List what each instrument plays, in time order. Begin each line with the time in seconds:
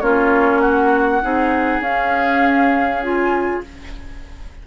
0.00 bassoon A#3, clarinet C#4, oboe F4, flute C#5
0.60 oboe F#4, flute F#5
1.22 bassoon C4, clarinet D#4, oboe G#4
1.80 bassoon C#4, clarinet C#4, flute F5
3.03 clarinet F4, flute G#5